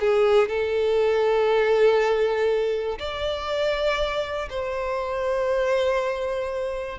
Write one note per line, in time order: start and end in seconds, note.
0.00 0.48 G#4
0.48 2.98 A4
2.99 4.49 D5
4.50 6.98 C5